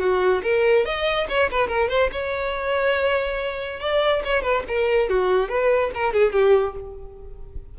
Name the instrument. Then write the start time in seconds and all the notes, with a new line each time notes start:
violin
0.00 F#4
0.43 A#4
0.85 D#5
1.29 C#5
1.51 B4
1.68 A#4
1.89 C5
2.12 C#5
3.80 D5
4.25 C#5
4.42 B4
4.68 A#4
5.10 F#4
5.49 B4
5.95 A#4
6.14 G#4
6.33 G4